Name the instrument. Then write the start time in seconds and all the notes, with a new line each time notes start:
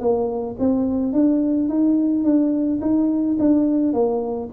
tuba
0.00 A#3
0.59 C4
1.13 D4
1.68 D#4
2.24 D4
2.81 D#4
3.39 D4
3.93 A#3